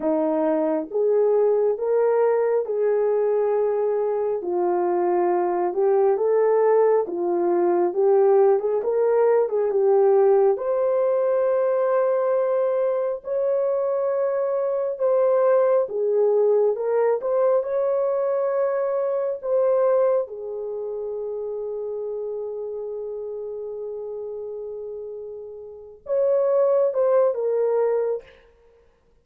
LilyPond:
\new Staff \with { instrumentName = "horn" } { \time 4/4 \tempo 4 = 68 dis'4 gis'4 ais'4 gis'4~ | gis'4 f'4. g'8 a'4 | f'4 g'8. gis'16 ais'8. gis'16 g'4 | c''2. cis''4~ |
cis''4 c''4 gis'4 ais'8 c''8 | cis''2 c''4 gis'4~ | gis'1~ | gis'4. cis''4 c''8 ais'4 | }